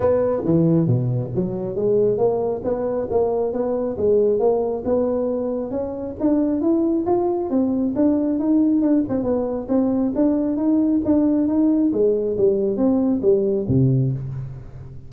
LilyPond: \new Staff \with { instrumentName = "tuba" } { \time 4/4 \tempo 4 = 136 b4 e4 b,4 fis4 | gis4 ais4 b4 ais4 | b4 gis4 ais4 b4~ | b4 cis'4 d'4 e'4 |
f'4 c'4 d'4 dis'4 | d'8 c'8 b4 c'4 d'4 | dis'4 d'4 dis'4 gis4 | g4 c'4 g4 c4 | }